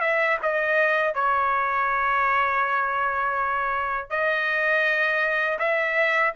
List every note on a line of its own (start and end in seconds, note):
0.00 0.37 E5
0.42 1.14 D#5
1.14 4.10 C#5
4.10 5.58 D#5
5.59 6.33 E5